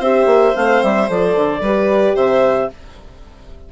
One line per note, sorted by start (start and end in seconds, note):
0.00 0.26 C4
0.00 0.54 G4
0.00 1.61 C5
0.00 0.56 E5
0.26 0.53 A#3
0.54 0.84 A3
0.54 1.08 C4
0.54 0.83 F5
0.83 1.09 G3
0.83 1.10 E5
1.08 1.36 F3
1.08 1.62 A4
1.08 2.17 D5
1.36 1.61 D3
1.61 2.15 G3
1.61 2.73 G4
1.61 2.16 B4
2.16 2.70 C3
2.16 2.70 C5
2.16 2.70 E5